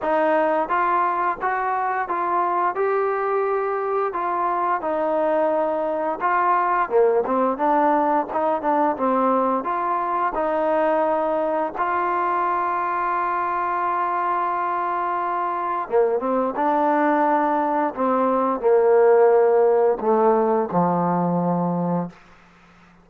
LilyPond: \new Staff \with { instrumentName = "trombone" } { \time 4/4 \tempo 4 = 87 dis'4 f'4 fis'4 f'4 | g'2 f'4 dis'4~ | dis'4 f'4 ais8 c'8 d'4 | dis'8 d'8 c'4 f'4 dis'4~ |
dis'4 f'2.~ | f'2. ais8 c'8 | d'2 c'4 ais4~ | ais4 a4 f2 | }